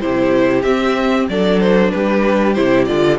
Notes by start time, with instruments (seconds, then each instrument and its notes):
0.00 cello C3, viola E4, violin G4 C5
0.62 cello C4, viola C4, violin E5
1.29 cello F#3, viola D4, violin A4 D5
1.60 violin C5
1.91 cello G3, violin G4 B4
2.53 cello C3, viola E4, violin C5
2.86 cello D3, viola F4, violin D5